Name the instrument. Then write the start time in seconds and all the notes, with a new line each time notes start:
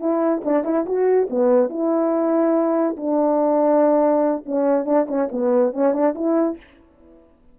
horn
0.00 E4
0.45 D4
0.65 E4
0.86 F#4
1.30 B3
1.70 E4
2.97 D4
4.46 C#4
4.86 D4
5.08 C#4
5.32 B3
5.73 C#4
5.93 D4
6.16 E4